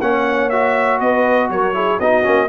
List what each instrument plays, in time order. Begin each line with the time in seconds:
0.00 tuba A#3, trombone C#4, horn C#5, trumpet F#5
0.49 trombone F#4, trumpet E5
1.00 tuba B3, horn B4, trumpet D#5
1.49 tuba F#3, horn A#4, trumpet C#5
1.73 trombone E4, horn G#4
1.99 tuba B3, trombone D#4, horn F#4, trumpet D#5
2.23 tuba A#3, trombone C#4